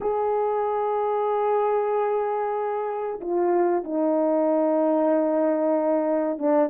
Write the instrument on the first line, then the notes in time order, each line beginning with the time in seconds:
horn
0.00 G#4
3.20 F4
3.84 D#4
6.38 D4